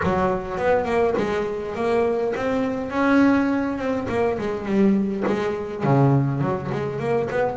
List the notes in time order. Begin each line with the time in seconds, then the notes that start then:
0.03 F#3
0.57 B3
0.85 A#3
1.17 G#3
1.75 A#3
2.36 C4
2.90 C#4
3.77 C4
4.09 A#3
4.38 G#3
4.65 G3
5.27 G#3
5.83 C#3
6.41 F#3
6.71 G#3
6.99 A#3
7.30 B3